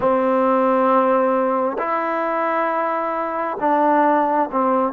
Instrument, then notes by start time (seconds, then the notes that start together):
trombone
0.00 C4
1.78 E4
3.60 D4
4.51 C4